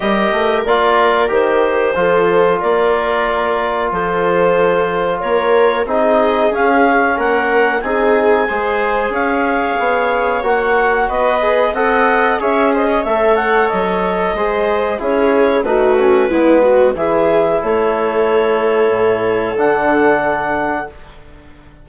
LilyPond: <<
  \new Staff \with { instrumentName = "clarinet" } { \time 4/4 \tempo 4 = 92 dis''4 d''4 c''2 | d''2 c''2 | cis''4 dis''4 f''4 fis''4 | gis''2 f''2 |
fis''4 dis''4 fis''4 e''8 dis''8 | e''8 fis''8 dis''2 cis''4 | b'2 e''4 cis''4~ | cis''2 fis''2 | }
  \new Staff \with { instrumentName = "viola" } { \time 4/4 ais'2. a'4 | ais'2 a'2 | ais'4 gis'2 ais'4 | gis'4 c''4 cis''2~ |
cis''4 b'4 dis''4 cis''8 c''16 cis''16~ | cis''2 c''4 gis'4 | fis'4 e'8 fis'8 gis'4 a'4~ | a'1 | }
  \new Staff \with { instrumentName = "trombone" } { \time 4/4 g'4 f'4 g'4 f'4~ | f'1~ | f'4 dis'4 cis'2 | dis'4 gis'2. |
fis'4. gis'8 a'4 gis'4 | a'2 gis'4 e'4 | dis'8 cis'8 b4 e'2~ | e'2 d'2 | }
  \new Staff \with { instrumentName = "bassoon" } { \time 4/4 g8 a8 ais4 dis4 f4 | ais2 f2 | ais4 c'4 cis'4 ais4 | c'4 gis4 cis'4 b4 |
ais4 b4 c'4 cis'4 | a4 fis4 gis4 cis'4 | a4 gis4 e4 a4~ | a4 a,4 d2 | }
>>